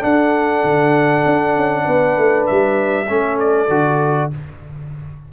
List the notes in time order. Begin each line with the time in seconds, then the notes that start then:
0.00 D4 A4 F#5
0.64 D3
1.26 D4
1.56 C#4
1.84 B3 B4
2.17 A3
2.46 G3 E5
3.09 A3 C#4 A4
3.39 D5
3.69 D3 F#4